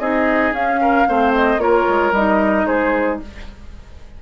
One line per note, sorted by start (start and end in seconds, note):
0.00 0.52 C4
0.00 0.54 D#4
0.00 0.80 G#4
0.00 0.53 D#5
0.52 1.05 C#4
0.52 1.07 C#4
0.52 1.34 F5
0.81 1.08 A#4
1.07 1.58 A3
1.07 1.59 C4
1.07 1.62 C5
1.35 1.60 D#5
1.58 1.84 A#3
1.58 2.12 F4
1.58 2.67 A#4
1.58 2.13 C#5
1.89 2.12 G#3
2.12 2.65 G3
2.12 3.22 D#4
2.12 2.66 D#5
2.66 3.20 G#3
2.66 3.20 G#4
2.66 3.19 C5